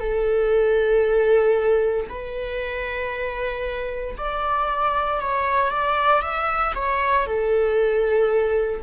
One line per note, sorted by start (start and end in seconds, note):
0.00 2.07 A4
2.09 4.16 B4
4.18 5.21 D5
5.21 5.70 C#5
5.70 6.22 D5
6.22 6.73 E5
6.75 7.26 C#5
7.26 8.82 A4